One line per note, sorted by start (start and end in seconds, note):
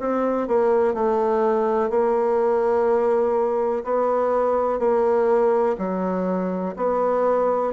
0.00 0.48 C4
0.48 0.95 A#3
0.95 1.90 A3
1.90 3.84 A#3
3.84 4.80 B3
4.80 5.77 A#3
5.79 6.76 F#3
6.77 7.74 B3